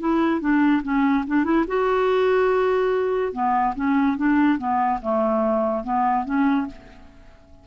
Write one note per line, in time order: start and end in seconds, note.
0.00 0.41 E4
0.41 0.82 D4
0.83 1.25 C#4
1.27 1.44 D4
1.44 1.65 E4
1.68 3.33 F#4
3.33 3.74 B3
3.75 4.17 C#4
4.17 4.59 D4
4.59 5.00 B3
5.02 5.84 A3
5.84 6.25 B3
6.25 6.67 C#4